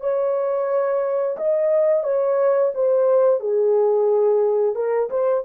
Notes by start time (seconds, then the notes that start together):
0.00 C#5
1.37 D#5
2.03 C#5
2.74 C5
3.40 G#4
4.75 A#4
5.10 C5